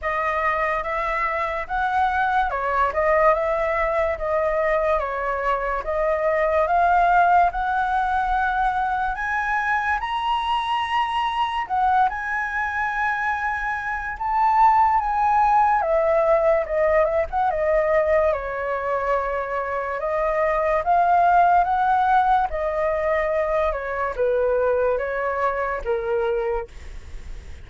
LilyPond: \new Staff \with { instrumentName = "flute" } { \time 4/4 \tempo 4 = 72 dis''4 e''4 fis''4 cis''8 dis''8 | e''4 dis''4 cis''4 dis''4 | f''4 fis''2 gis''4 | ais''2 fis''8 gis''4.~ |
gis''4 a''4 gis''4 e''4 | dis''8 e''16 fis''16 dis''4 cis''2 | dis''4 f''4 fis''4 dis''4~ | dis''8 cis''8 b'4 cis''4 ais'4 | }